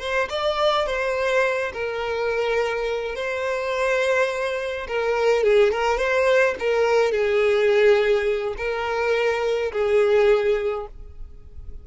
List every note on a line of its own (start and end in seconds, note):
0.00 0.29 C5
0.30 0.86 D5
0.86 1.72 C5
1.73 3.15 A#4
3.15 4.87 C5
4.88 5.43 A#4
5.43 5.72 G#4
5.72 5.98 A#4
5.98 6.55 C5
6.59 7.12 A#4
7.12 8.55 G#4
8.57 9.72 A#4
9.72 10.87 G#4